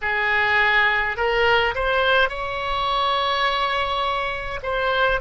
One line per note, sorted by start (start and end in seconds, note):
0.01 1.16 G#4
1.16 1.74 A#4
1.75 2.29 C5
2.29 4.59 C#5
4.62 5.20 C5